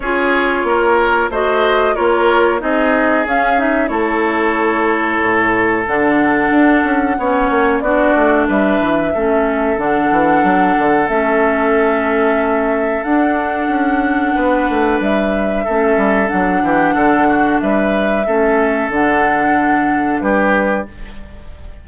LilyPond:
<<
  \new Staff \with { instrumentName = "flute" } { \time 4/4 \tempo 4 = 92 cis''2 dis''4 cis''4 | dis''4 f''8 e''8 cis''2~ | cis''4 fis''2. | d''4 e''2 fis''4~ |
fis''4 e''2. | fis''2. e''4~ | e''4 fis''2 e''4~ | e''4 fis''2 b'4 | }
  \new Staff \with { instrumentName = "oboe" } { \time 4/4 gis'4 ais'4 c''4 ais'4 | gis'2 a'2~ | a'2. cis''4 | fis'4 b'4 a'2~ |
a'1~ | a'2 b'2 | a'4. g'8 a'8 fis'8 b'4 | a'2. g'4 | }
  \new Staff \with { instrumentName = "clarinet" } { \time 4/4 f'2 fis'4 f'4 | dis'4 cis'8 dis'8 e'2~ | e'4 d'2 cis'4 | d'2 cis'4 d'4~ |
d'4 cis'2. | d'1 | cis'4 d'2. | cis'4 d'2. | }
  \new Staff \with { instrumentName = "bassoon" } { \time 4/4 cis'4 ais4 a4 ais4 | c'4 cis'4 a2 | a,4 d4 d'8 cis'8 b8 ais8 | b8 a8 g8 e8 a4 d8 e8 |
fis8 d8 a2. | d'4 cis'4 b8 a8 g4 | a8 g8 fis8 e8 d4 g4 | a4 d2 g4 | }
>>